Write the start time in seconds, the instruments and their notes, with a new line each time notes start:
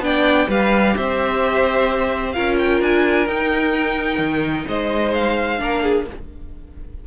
0.00 cello B3, viola D4, violin D5 G5
0.48 cello G3, viola G4, violin B4 F5
0.97 cello C4, violin C5 E5
2.33 cello C#4, viola F4, violin A#4 F5
2.59 violin G5
2.81 cello D4, violin G#5
3.27 cello D#4, viola D#4, violin G5
4.19 cello D#3
4.68 cello G#3, violin C5 D#5
5.15 violin F5
5.59 cello A#3, viola D4, violin A#4
5.83 violin G#4